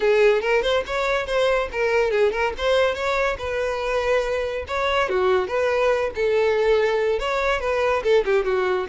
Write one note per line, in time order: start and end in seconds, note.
0.00 0.41 G#4
0.41 0.62 A#4
0.62 0.83 C5
0.86 1.26 C#5
1.26 1.68 C5
1.72 2.10 A#4
2.10 2.32 G#4
2.32 2.53 A#4
2.57 2.94 C5
2.94 3.36 C#5
3.38 4.65 B4
4.67 5.09 C#5
5.09 5.47 F#4
5.47 6.11 B4
6.15 7.19 A4
7.19 7.60 C#5
7.60 8.02 B4
8.03 8.24 A4
8.25 8.44 G4
8.44 8.87 F#4